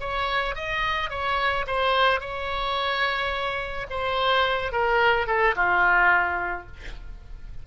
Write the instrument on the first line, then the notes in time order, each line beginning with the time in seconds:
oboe
0.00 C#5
0.55 D#5
1.10 C#5
1.67 C5
2.20 C#5
3.90 C5
4.72 A#4
5.27 A4
5.56 F4